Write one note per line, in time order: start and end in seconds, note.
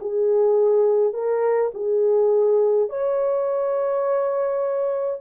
0.00 1.13 G#4
1.13 1.71 A#4
1.74 2.89 G#4
2.89 5.20 C#5